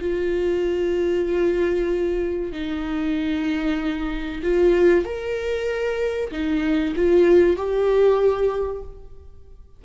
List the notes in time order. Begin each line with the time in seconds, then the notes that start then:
0.00 F4
2.51 D#4
4.42 F4
5.04 A#4
6.31 D#4
6.95 F4
7.56 G4